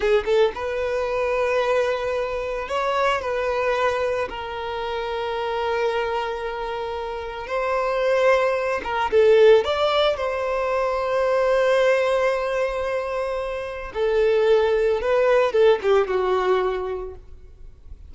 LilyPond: \new Staff \with { instrumentName = "violin" } { \time 4/4 \tempo 4 = 112 gis'8 a'8 b'2.~ | b'4 cis''4 b'2 | ais'1~ | ais'2 c''2~ |
c''8 ais'8 a'4 d''4 c''4~ | c''1~ | c''2 a'2 | b'4 a'8 g'8 fis'2 | }